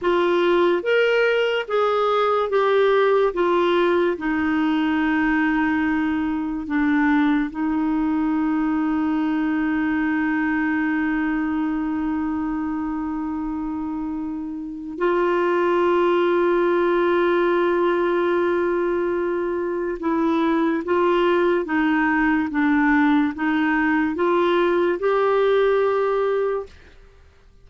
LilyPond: \new Staff \with { instrumentName = "clarinet" } { \time 4/4 \tempo 4 = 72 f'4 ais'4 gis'4 g'4 | f'4 dis'2. | d'4 dis'2.~ | dis'1~ |
dis'2 f'2~ | f'1 | e'4 f'4 dis'4 d'4 | dis'4 f'4 g'2 | }